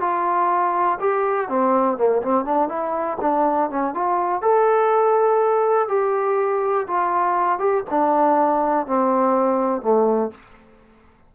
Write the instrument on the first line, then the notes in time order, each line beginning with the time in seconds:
trombone
0.00 F4
0.99 G4
1.48 C4
1.97 A#3
2.22 C4
2.45 D4
2.68 E4
3.21 D4
3.70 C#4
3.94 F4
4.42 A4
5.88 G4
6.87 F4
7.59 G4
7.90 D4
8.86 C4
9.81 A3